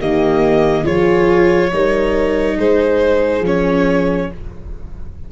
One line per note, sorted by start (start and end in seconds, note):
0.00 0.86 D#3
0.00 0.85 A#3
0.00 0.84 G4
0.00 0.86 D#5
0.84 1.72 F3
0.84 1.70 F4
0.84 1.70 G#4
0.84 2.58 C#5
1.73 2.58 G3
1.73 3.44 D#4
1.73 2.57 A#4
2.57 3.41 G#3
2.57 4.29 G#4
2.57 3.45 C5
3.41 4.27 F3
3.41 4.31 C#4
3.41 4.32 C#5